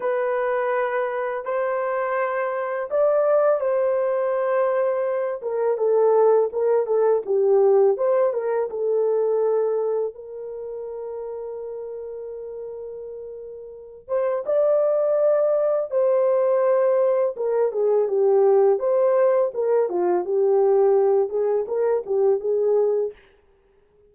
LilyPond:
\new Staff \with { instrumentName = "horn" } { \time 4/4 \tempo 4 = 83 b'2 c''2 | d''4 c''2~ c''8 ais'8 | a'4 ais'8 a'8 g'4 c''8 ais'8 | a'2 ais'2~ |
ais'2.~ ais'8 c''8 | d''2 c''2 | ais'8 gis'8 g'4 c''4 ais'8 f'8 | g'4. gis'8 ais'8 g'8 gis'4 | }